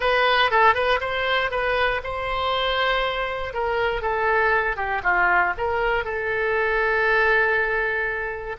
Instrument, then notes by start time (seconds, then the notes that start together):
oboe
0.00 B4
0.50 A4
0.74 B4
1.00 C5
1.50 B4
2.03 C5
3.53 A#4
4.01 A4
4.76 G4
5.03 F4
5.57 A#4
6.04 A4